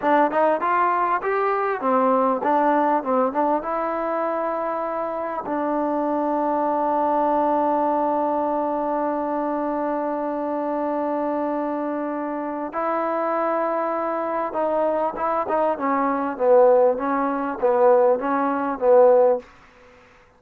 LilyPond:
\new Staff \with { instrumentName = "trombone" } { \time 4/4 \tempo 4 = 99 d'8 dis'8 f'4 g'4 c'4 | d'4 c'8 d'8 e'2~ | e'4 d'2.~ | d'1~ |
d'1~ | d'4 e'2. | dis'4 e'8 dis'8 cis'4 b4 | cis'4 b4 cis'4 b4 | }